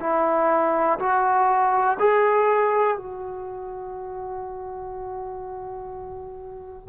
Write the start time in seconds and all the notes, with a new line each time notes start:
0.00 E4
0.99 F#4
1.99 G#4
2.97 F#4